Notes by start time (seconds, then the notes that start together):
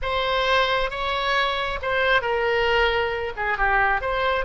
0.01 C5
0.90 C#5
1.81 C5
2.21 A#4
3.36 G#4
3.57 G4
4.01 C5